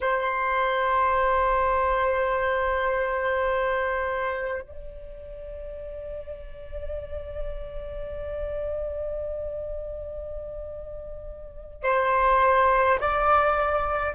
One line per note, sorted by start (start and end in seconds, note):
0.00 4.62 C5
4.62 11.83 D5
11.83 12.98 C5
13.00 14.14 D5